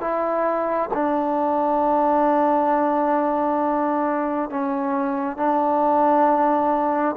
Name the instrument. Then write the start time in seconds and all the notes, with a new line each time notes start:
trombone
0.00 E4
0.94 D4
4.50 C#4
5.36 D4